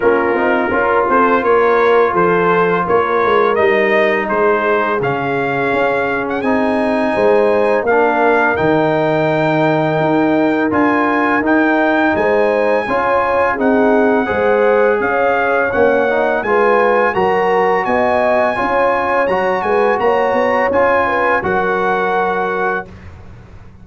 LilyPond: <<
  \new Staff \with { instrumentName = "trumpet" } { \time 4/4 \tempo 4 = 84 ais'4. c''8 cis''4 c''4 | cis''4 dis''4 c''4 f''4~ | f''8. fis''16 gis''2 f''4 | g''2. gis''4 |
g''4 gis''2 fis''4~ | fis''4 f''4 fis''4 gis''4 | ais''4 gis''2 ais''8 gis''8 | ais''4 gis''4 fis''2 | }
  \new Staff \with { instrumentName = "horn" } { \time 4/4 f'4 ais'8 a'8 ais'4 a'4 | ais'2 gis'2~ | gis'2 c''4 ais'4~ | ais'1~ |
ais'4 c''4 cis''4 gis'4 | c''4 cis''2 b'4 | ais'4 dis''4 cis''4. b'8 | cis''4. b'8 ais'2 | }
  \new Staff \with { instrumentName = "trombone" } { \time 4/4 cis'8 dis'8 f'2.~ | f'4 dis'2 cis'4~ | cis'4 dis'2 d'4 | dis'2. f'4 |
dis'2 f'4 dis'4 | gis'2 cis'8 dis'8 f'4 | fis'2 f'4 fis'4~ | fis'4 f'4 fis'2 | }
  \new Staff \with { instrumentName = "tuba" } { \time 4/4 ais8 c'8 cis'8 c'8 ais4 f4 | ais8 gis8 g4 gis4 cis4 | cis'4 c'4 gis4 ais4 | dis2 dis'4 d'4 |
dis'4 gis4 cis'4 c'4 | gis4 cis'4 ais4 gis4 | fis4 b4 cis'4 fis8 gis8 | ais8 b8 cis'4 fis2 | }
>>